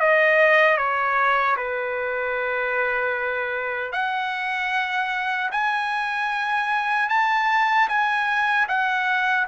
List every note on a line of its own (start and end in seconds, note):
0.00 0.78 D#5
0.78 1.56 C#5
1.57 3.93 B4
3.93 5.50 F#5
5.52 7.09 G#5
7.09 7.88 A5
7.88 8.67 G#5
8.68 9.47 F#5